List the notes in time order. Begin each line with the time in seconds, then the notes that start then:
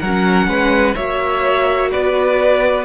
0.00 F#3 A#4 F#5
0.06 C#4
0.47 G#3 B4
0.95 A#3 F#4 C#5 E5
1.91 B3 B4 D5